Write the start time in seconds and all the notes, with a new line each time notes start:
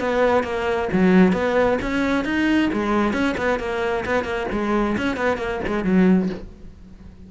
0.00 B3
0.44 A#3
0.93 F#3
1.33 B3
1.82 C#4
2.25 D#4
2.73 G#3
3.13 C#4
3.38 B3
3.60 A#3
4.06 B3
4.25 A#3
4.52 G#3
4.98 C#4
5.17 B3
5.38 A#3
5.67 G#3
5.84 F#3